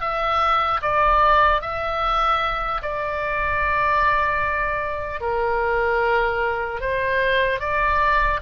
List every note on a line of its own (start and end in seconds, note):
0.00 0.80 E5
0.81 1.61 D5
1.61 2.81 E5
2.82 5.20 D5
5.20 6.80 A#4
6.80 7.60 C5
7.60 8.40 D5